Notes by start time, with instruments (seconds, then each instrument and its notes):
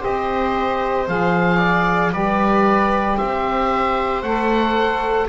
0.00 double bass C4, saxophone G4, viola C5, oboe D#5
1.08 double bass F3, saxophone G#4, oboe F5
1.58 viola D5
2.12 double bass G3, saxophone G4, viola B4, oboe D5
3.17 double bass C4, viola C5, oboe E5
4.23 double bass A3, saxophone A4, oboe F#5